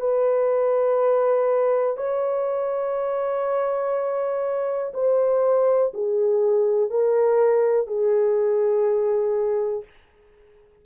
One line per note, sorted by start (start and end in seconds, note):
0.00 1.97 B4
1.97 4.92 C#5
4.94 5.92 C5
5.93 6.90 G#4
6.90 7.87 A#4
7.87 9.84 G#4